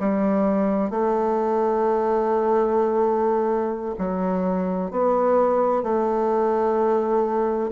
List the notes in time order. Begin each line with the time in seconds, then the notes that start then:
0.00 G3
0.90 A3
3.98 F#3
4.91 B3
5.83 A3